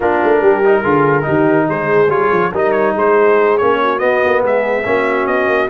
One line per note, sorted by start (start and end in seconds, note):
0.00 0.19 A#3
0.00 0.64 D4
0.00 0.40 F4
0.00 1.69 A#4
0.23 0.42 A3
0.41 0.84 G3
0.41 0.81 G4
0.65 0.83 D#4
0.81 1.26 D3
0.81 1.22 F4
0.81 1.24 G#4
1.22 1.68 D#3
1.22 2.07 D#4
1.22 1.66 G4
1.68 2.07 G#3
1.68 2.51 G#4
1.68 2.10 C5
2.07 2.28 G3
2.07 2.51 F4
2.07 2.52 C#5
2.31 2.52 F3
2.51 2.95 G3
2.51 3.60 D#4
2.51 2.94 A#4
2.58 2.71 D#5
2.71 2.92 C#5
2.95 3.59 G#3
2.95 3.80 G#4
2.95 3.57 C5
3.57 4.02 A#3
3.57 3.98 C#4
3.57 3.99 C#5
3.81 4.42 F#4
3.98 4.83 B3
3.98 4.24 B3
3.98 4.41 D#5
4.25 4.43 A#3
4.42 4.85 G#3
4.42 4.84 G#4
4.42 5.26 E5
4.84 5.26 A#3
4.84 5.68 C#4
4.84 5.70 F#4
5.26 5.47 B3
5.26 5.69 D#5
5.47 5.68 A#3